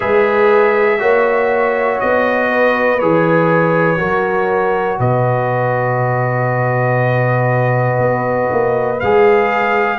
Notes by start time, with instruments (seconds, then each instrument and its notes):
0.00 tuba G#3, trombone G#4, horn B4, trumpet E5
0.98 tuba A#3, trombone F#4, horn C#5
2.00 tuba B3, trumpet D#5
2.49 horn B4
2.99 tuba E3, trombone G#4, trumpet C#5
3.97 tuba F#3, trombone F#4, horn A#4
4.99 tuba B2, horn B4, trumpet D#5
7.98 tuba B3
8.51 tuba A#3
9.00 tuba G#3, trombone G#4, trumpet F5